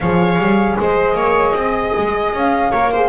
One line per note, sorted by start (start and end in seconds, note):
0.00 0.38 F3
0.00 2.71 G#4
0.00 0.79 C#5
0.00 0.77 F5
0.38 0.77 G3
0.79 1.14 G#3
0.79 1.16 C5
0.79 2.36 D#5
1.14 1.53 A#3
1.14 1.55 C#5
1.53 1.92 C4
1.53 2.71 D#5
1.97 2.33 G#3
2.33 2.72 C#4
2.33 3.08 F5
2.71 3.08 A#3
2.71 2.91 A#4
2.71 2.91 C#5
2.91 3.08 G#4
2.91 3.08 C5